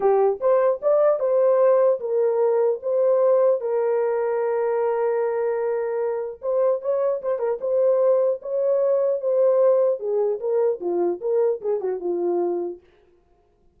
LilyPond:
\new Staff \with { instrumentName = "horn" } { \time 4/4 \tempo 4 = 150 g'4 c''4 d''4 c''4~ | c''4 ais'2 c''4~ | c''4 ais'2.~ | ais'1 |
c''4 cis''4 c''8 ais'8 c''4~ | c''4 cis''2 c''4~ | c''4 gis'4 ais'4 f'4 | ais'4 gis'8 fis'8 f'2 | }